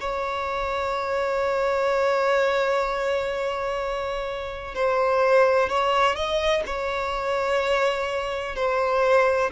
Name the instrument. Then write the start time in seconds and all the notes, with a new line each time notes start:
violin
0.00 C#5
4.75 C5
5.69 C#5
6.16 D#5
6.66 C#5
8.55 C5